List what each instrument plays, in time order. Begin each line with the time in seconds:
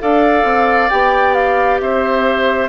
0.00 bassoon D4, clarinet A4, oboe D5, flute F5
0.44 bassoon C4
0.90 bassoon B3, clarinet G4, flute G5
1.34 flute F5
1.80 bassoon C4, oboe C5, flute E5